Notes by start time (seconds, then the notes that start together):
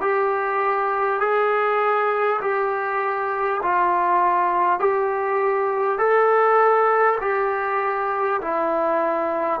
0.00 G4
1.20 G#4
2.41 G4
3.62 F4
4.79 G4
5.98 A4
7.20 G4
8.41 E4